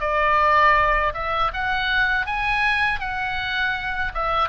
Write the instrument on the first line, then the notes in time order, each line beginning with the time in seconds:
oboe
0.00 D5
1.14 E5
1.53 F#5
2.26 G#5
2.99 F#5
4.14 E5